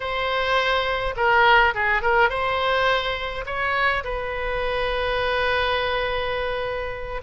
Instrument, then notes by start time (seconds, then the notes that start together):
oboe
0.00 C5
1.16 A#4
1.74 G#4
2.02 A#4
2.29 C5
3.46 C#5
4.04 B4